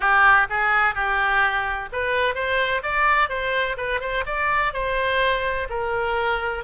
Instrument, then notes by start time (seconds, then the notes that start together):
oboe
0.00 G4
0.49 G#4
0.94 G4
1.92 B4
2.35 C5
2.83 D5
3.29 C5
3.77 B4
4.00 C5
4.25 D5
4.73 C5
5.69 A#4